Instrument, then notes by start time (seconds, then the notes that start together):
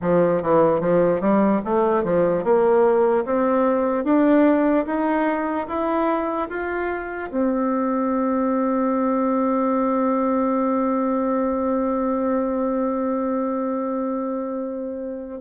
bassoon
0.01 F3
0.42 E3
0.80 F3
1.21 G3
1.64 A3
2.03 F3
2.43 A#3
3.25 C4
4.04 D4
4.86 D#4
5.67 E4
6.49 F4
7.30 C4